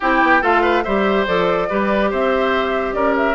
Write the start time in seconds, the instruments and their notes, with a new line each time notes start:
0.00 bassoon C4, clarinet E4, oboe G4, flute G5
0.22 bassoon B3
0.41 bassoon A3, clarinet F4, oboe A4, flute F5
0.62 oboe B4
0.83 bassoon G3, clarinet G4, oboe C5, flute E5
1.26 bassoon F3, clarinet A4, flute D5
1.69 bassoon G3, clarinet G4, oboe B4
2.10 bassoon C4, oboe C5, flute E5
2.93 bassoon C#4, oboe A#4, flute D5
3.16 flute E5